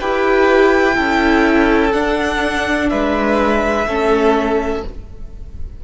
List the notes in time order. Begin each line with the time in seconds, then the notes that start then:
0.00 E4 G4 B4 G5
0.95 C#4 E4 A4
1.93 D4 F#5
2.90 G#3 B4 E5
3.87 A3 C#4 A4